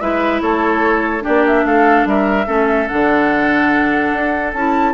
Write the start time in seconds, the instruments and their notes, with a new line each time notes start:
0.00 bassoon G#3, clarinet E4, oboe B4, flute E5
0.41 bassoon A3, oboe A4, flute C#5
1.21 clarinet D4, oboe G4, flute D5
1.28 bassoon A#3
1.47 flute E5
1.65 bassoon A3, oboe A4, flute F5
2.05 bassoon G3, oboe A#4, flute E5
2.46 bassoon A3, clarinet C#4, oboe A4
2.88 bassoon D3, clarinet D4, flute F#5
4.12 bassoon D4
4.53 bassoon C#4, clarinet E4, flute A5